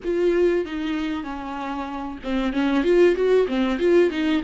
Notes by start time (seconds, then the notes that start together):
0.04 F4
0.65 D#4
1.23 C#4
2.23 C4
2.53 C#4
2.83 F4
3.15 F#4
3.47 C4
3.79 F4
4.10 D#4